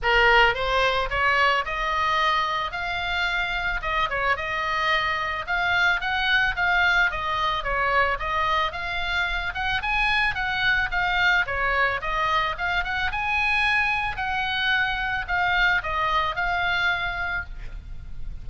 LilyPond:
\new Staff \with { instrumentName = "oboe" } { \time 4/4 \tempo 4 = 110 ais'4 c''4 cis''4 dis''4~ | dis''4 f''2 dis''8 cis''8 | dis''2 f''4 fis''4 | f''4 dis''4 cis''4 dis''4 |
f''4. fis''8 gis''4 fis''4 | f''4 cis''4 dis''4 f''8 fis''8 | gis''2 fis''2 | f''4 dis''4 f''2 | }